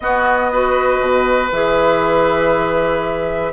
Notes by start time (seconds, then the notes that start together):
0.00 B3 F#4 D#5
0.52 F#4 B4
1.00 B2
1.51 E3 G#4 E5